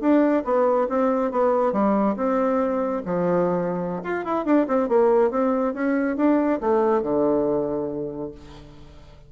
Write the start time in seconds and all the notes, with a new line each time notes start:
0.00 D4
0.44 B3
0.89 C4
1.31 B3
1.72 G3
2.16 C4
3.05 F3
4.03 F4
4.24 E4
4.45 D4
4.67 C4
4.88 A#3
5.30 C4
5.74 C#4
6.16 D4
6.60 A3
7.02 D3